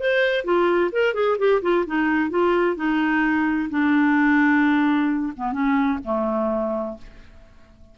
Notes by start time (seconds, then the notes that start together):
0.00 C5
0.45 F4
0.92 A#4
1.15 G#4
1.39 G4
1.62 F4
1.87 D#4
2.30 F4
2.77 D#4
3.70 D4
5.37 B3
5.53 C#4
6.05 A3